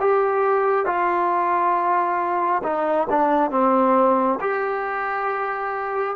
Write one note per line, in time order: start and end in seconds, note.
0.00 0.86 G4
0.86 2.62 F4
2.64 3.08 D#4
3.10 3.51 D4
3.51 4.39 C4
4.41 6.16 G4